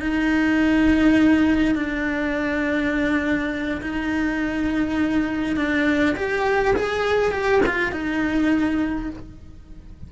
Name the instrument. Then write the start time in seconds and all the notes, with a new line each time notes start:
cello
0.00 D#4
1.75 D4
3.82 D#4
5.56 D4
6.16 G4
6.76 G#4
7.32 G4
7.66 F4
7.92 D#4